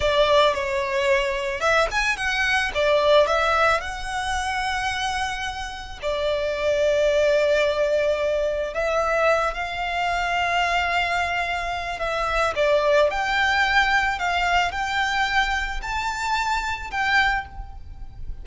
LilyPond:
\new Staff \with { instrumentName = "violin" } { \time 4/4 \tempo 4 = 110 d''4 cis''2 e''8 gis''8 | fis''4 d''4 e''4 fis''4~ | fis''2. d''4~ | d''1 |
e''4. f''2~ f''8~ | f''2 e''4 d''4 | g''2 f''4 g''4~ | g''4 a''2 g''4 | }